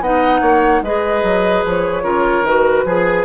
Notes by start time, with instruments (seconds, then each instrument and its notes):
0.00 bassoon B3, clarinet D#4, oboe D#5, flute F#5
0.41 bassoon A#3, oboe C#5
0.82 bassoon G#3, clarinet G#4, oboe B4, flute D#5
1.23 bassoon F#3
1.65 bassoon F3, flute C#5
2.03 bassoon C#3, clarinet F4, oboe A#4
2.43 bassoon D#3, clarinet F#4, flute B4
2.85 bassoon F3, oboe G#4, clarinet G#4